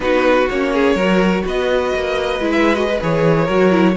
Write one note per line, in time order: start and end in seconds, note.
0.00 0.48 B3
0.00 0.47 D#4
0.00 0.73 F#4
0.00 0.48 B4
0.49 0.94 A#3
0.49 0.99 C#4
0.49 1.45 C#5
0.73 0.95 G#4
0.94 1.42 F#3
0.94 2.40 F#4
0.94 1.43 A#4
1.45 1.94 B3
1.45 3.44 B4
1.45 2.52 D#5
1.94 2.39 A#3
2.39 2.99 G#3
2.39 2.75 E4
2.52 2.74 E5
2.74 2.87 F#4
2.74 2.98 D#5
2.88 3.00 B4
3.00 3.48 E3
3.00 3.48 G#4
3.00 3.96 C#5
3.44 3.96 F#3
3.44 3.71 F#4
3.44 3.92 A#4
3.71 3.95 E4